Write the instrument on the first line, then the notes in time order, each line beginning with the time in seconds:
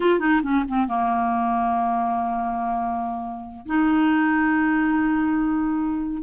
clarinet
0.00 F4
0.19 D#4
0.42 C#4
0.67 C4
0.88 A#3
3.66 D#4